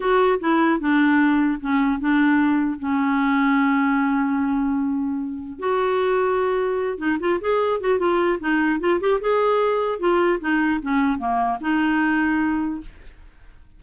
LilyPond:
\new Staff \with { instrumentName = "clarinet" } { \time 4/4 \tempo 4 = 150 fis'4 e'4 d'2 | cis'4 d'2 cis'4~ | cis'1~ | cis'2 fis'2~ |
fis'4. dis'8 f'8 gis'4 fis'8 | f'4 dis'4 f'8 g'8 gis'4~ | gis'4 f'4 dis'4 cis'4 | ais4 dis'2. | }